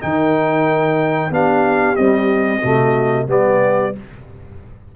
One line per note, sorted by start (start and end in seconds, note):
0.00 1.30 D#3
0.00 1.30 D#4
0.00 1.32 A#4
0.00 1.32 G5
1.30 1.95 B3
1.30 1.97 D4
1.30 2.61 G4
1.30 1.96 F5
1.96 2.62 G3
1.96 2.62 C4
1.96 3.26 D#5
2.61 3.27 C3
2.61 3.27 A3
2.61 3.26 F#4
3.27 3.92 G3
3.27 3.93 B3
3.27 3.95 G4
3.27 3.95 D5